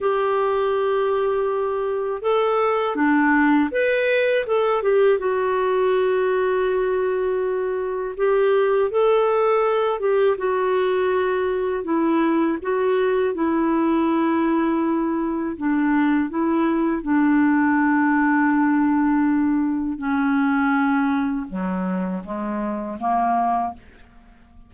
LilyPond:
\new Staff \with { instrumentName = "clarinet" } { \time 4/4 \tempo 4 = 81 g'2. a'4 | d'4 b'4 a'8 g'8 fis'4~ | fis'2. g'4 | a'4. g'8 fis'2 |
e'4 fis'4 e'2~ | e'4 d'4 e'4 d'4~ | d'2. cis'4~ | cis'4 fis4 gis4 ais4 | }